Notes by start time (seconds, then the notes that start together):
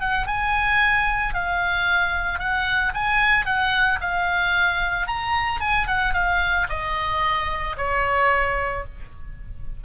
0.00 F#5
0.27 G#5
1.34 F5
2.39 F#5
2.94 G#5
3.46 F#5
4.01 F5
5.07 A#5
5.61 G#5
5.87 F#5
6.14 F5
6.69 D#5
7.77 C#5